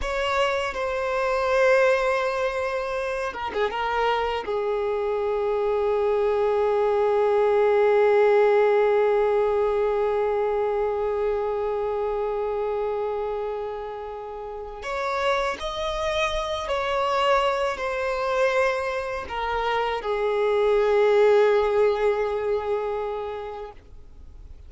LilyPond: \new Staff \with { instrumentName = "violin" } { \time 4/4 \tempo 4 = 81 cis''4 c''2.~ | c''8 ais'16 gis'16 ais'4 gis'2~ | gis'1~ | gis'1~ |
gis'1 | cis''4 dis''4. cis''4. | c''2 ais'4 gis'4~ | gis'1 | }